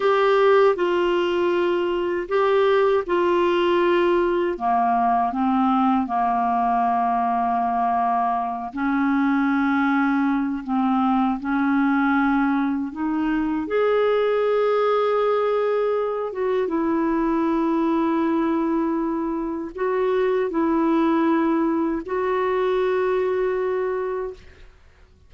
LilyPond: \new Staff \with { instrumentName = "clarinet" } { \time 4/4 \tempo 4 = 79 g'4 f'2 g'4 | f'2 ais4 c'4 | ais2.~ ais8 cis'8~ | cis'2 c'4 cis'4~ |
cis'4 dis'4 gis'2~ | gis'4. fis'8 e'2~ | e'2 fis'4 e'4~ | e'4 fis'2. | }